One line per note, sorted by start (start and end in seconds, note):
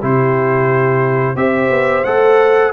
0.00 1.35 C3
0.00 1.36 E4
0.00 1.36 G4
0.00 1.36 C5
1.35 1.69 C4
1.35 2.04 G4
1.35 2.73 C5
1.35 2.04 E5
1.70 2.04 B3
2.04 2.73 A3
2.04 2.73 A4
2.04 2.72 F#5